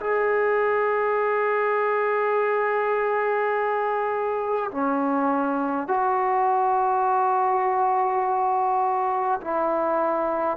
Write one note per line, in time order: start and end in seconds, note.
0.00 4.71 G#4
4.71 5.88 C#4
5.88 9.41 F#4
9.41 10.57 E4